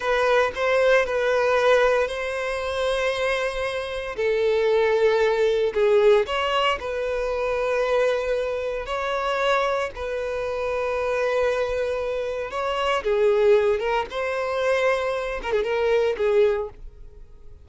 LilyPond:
\new Staff \with { instrumentName = "violin" } { \time 4/4 \tempo 4 = 115 b'4 c''4 b'2 | c''1 | a'2. gis'4 | cis''4 b'2.~ |
b'4 cis''2 b'4~ | b'1 | cis''4 gis'4. ais'8 c''4~ | c''4. ais'16 gis'16 ais'4 gis'4 | }